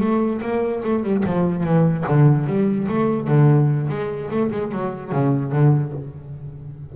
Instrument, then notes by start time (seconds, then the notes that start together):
double bass
0.00 A3
0.41 A#3
0.83 A3
1.03 G3
1.25 F3
1.63 E3
2.07 D3
2.46 G3
2.88 A3
3.27 D3
3.89 G#3
4.30 A3
4.51 G#3
4.71 F#3
5.12 C#3
5.51 D3